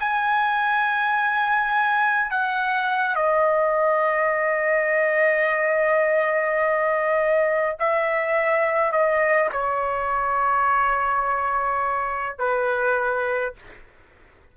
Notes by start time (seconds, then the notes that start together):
0.00 G#5
2.31 F#5
3.15 D#5
7.79 E5
8.92 D#5
9.52 C#5
12.39 B4